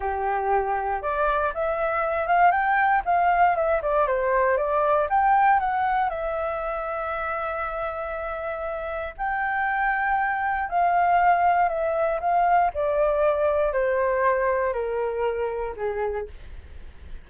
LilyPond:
\new Staff \with { instrumentName = "flute" } { \time 4/4 \tempo 4 = 118 g'2 d''4 e''4~ | e''8 f''8 g''4 f''4 e''8 d''8 | c''4 d''4 g''4 fis''4 | e''1~ |
e''2 g''2~ | g''4 f''2 e''4 | f''4 d''2 c''4~ | c''4 ais'2 gis'4 | }